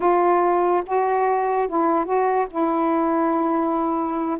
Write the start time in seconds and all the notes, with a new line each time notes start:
0.00 F4
0.86 F#4
1.67 E4
2.05 F#4
2.50 E4